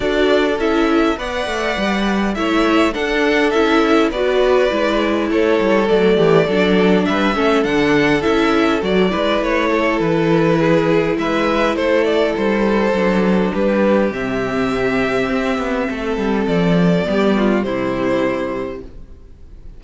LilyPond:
<<
  \new Staff \with { instrumentName = "violin" } { \time 4/4 \tempo 4 = 102 d''4 e''4 fis''2 | e''4 fis''4 e''4 d''4~ | d''4 cis''4 d''2 | e''4 fis''4 e''4 d''4 |
cis''4 b'2 e''4 | c''8 d''8 c''2 b'4 | e''1 | d''2 c''2 | }
  \new Staff \with { instrumentName = "violin" } { \time 4/4 a'2 d''2 | cis''4 a'2 b'4~ | b'4 a'4. g'8 a'4 | b'8 a'2. b'8~ |
b'8 a'4. gis'4 b'4 | a'2. g'4~ | g'2. a'4~ | a'4 g'8 f'8 e'2 | }
  \new Staff \with { instrumentName = "viola" } { \time 4/4 fis'4 e'4 b'2 | e'4 d'4 e'4 fis'4 | e'2 a4 d'4~ | d'8 cis'8 d'4 e'4 fis'8 e'8~ |
e'1~ | e'2 d'2 | c'1~ | c'4 b4 g2 | }
  \new Staff \with { instrumentName = "cello" } { \time 4/4 d'4 cis'4 b8 a8 g4 | a4 d'4 cis'4 b4 | gis4 a8 g8 fis8 e8 fis4 | g8 a8 d4 cis'4 fis8 gis8 |
a4 e2 gis4 | a4 g4 fis4 g4 | c2 c'8 b8 a8 g8 | f4 g4 c2 | }
>>